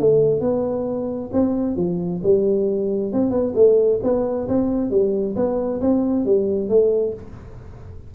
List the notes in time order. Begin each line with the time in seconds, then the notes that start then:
0.00 A3
0.41 B3
1.33 C4
1.77 F3
2.23 G3
3.13 C4
3.31 B3
3.55 A3
4.03 B3
4.48 C4
4.91 G3
5.36 B3
5.81 C4
6.26 G3
6.69 A3